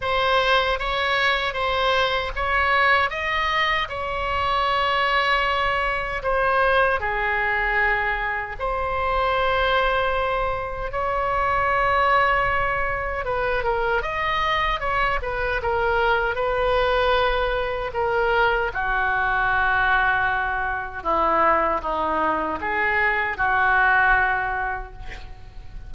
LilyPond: \new Staff \with { instrumentName = "oboe" } { \time 4/4 \tempo 4 = 77 c''4 cis''4 c''4 cis''4 | dis''4 cis''2. | c''4 gis'2 c''4~ | c''2 cis''2~ |
cis''4 b'8 ais'8 dis''4 cis''8 b'8 | ais'4 b'2 ais'4 | fis'2. e'4 | dis'4 gis'4 fis'2 | }